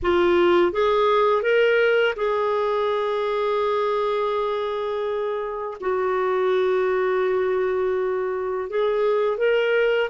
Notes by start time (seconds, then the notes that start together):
0.02 F4
0.72 G#4
1.42 A#4
2.16 G#4
5.80 F#4
8.69 G#4
9.37 A#4